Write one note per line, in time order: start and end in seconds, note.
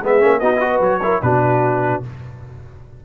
0.00 0.22 G#3
0.00 0.20 B3
0.00 0.40 G#4
0.00 0.39 E5
0.20 0.41 A#3
0.20 0.40 C#4
0.39 0.80 B3
0.39 0.53 D#4
0.39 0.60 F#4
0.39 0.80 D#5
0.56 0.60 E4
0.56 1.01 F#4
0.56 1.02 B4
0.80 1.20 F#3
0.80 1.22 C#5
1.02 1.22 E4
1.02 1.23 A#4
1.22 2.03 B2
1.22 2.02 D4
1.22 2.04 F#4
1.22 2.02 B4